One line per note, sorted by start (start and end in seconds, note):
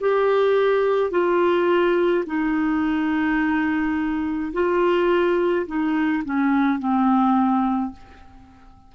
0.00 1.11 G4
1.11 2.24 F4
2.26 4.52 D#4
4.53 5.66 F4
5.67 6.23 D#4
6.25 6.79 C#4
6.79 7.92 C4